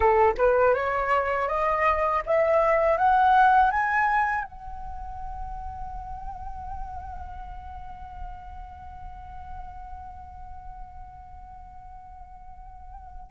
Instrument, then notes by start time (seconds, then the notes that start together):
flute
0.00 A4
0.37 B4
0.74 C#5
1.48 D#5
2.26 E5
2.97 F#5
3.70 G#5
4.44 F#5